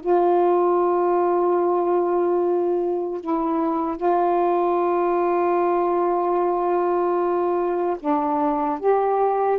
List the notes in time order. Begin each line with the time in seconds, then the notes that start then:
0.00 F4
3.20 E4
3.96 F4
7.99 D4
8.79 G4